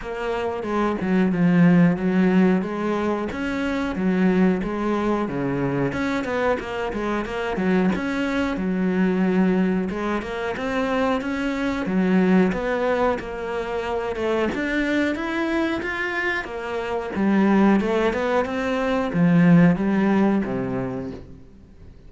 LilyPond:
\new Staff \with { instrumentName = "cello" } { \time 4/4 \tempo 4 = 91 ais4 gis8 fis8 f4 fis4 | gis4 cis'4 fis4 gis4 | cis4 cis'8 b8 ais8 gis8 ais8 fis8 | cis'4 fis2 gis8 ais8 |
c'4 cis'4 fis4 b4 | ais4. a8 d'4 e'4 | f'4 ais4 g4 a8 b8 | c'4 f4 g4 c4 | }